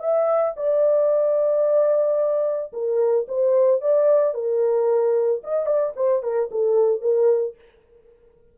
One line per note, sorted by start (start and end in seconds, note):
0.00 0.54 E5
0.57 2.73 D5
2.73 3.27 A#4
3.28 3.82 C5
3.82 4.34 D5
4.34 5.42 A#4
5.44 5.67 D#5
5.67 5.94 D5
5.96 6.23 C5
6.23 6.50 A#4
6.52 7.01 A4
7.01 7.56 A#4